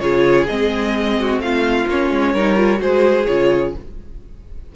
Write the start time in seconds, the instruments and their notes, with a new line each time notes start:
0.00 cello C#3, viola F4, violin G#4 C#5
0.47 cello G#3, viola C4, violin D#5
1.20 violin F#4
1.39 cello A3, violin F4 F5
1.87 cello A#3, viola C#4, violin C#5
2.11 cello G#3
2.34 cello G3, viola D#4, violin A#4
2.57 viola F4
2.77 cello G#3, viola F#4, violin G#4 C5
3.27 cello C#3, viola F4, violin C#5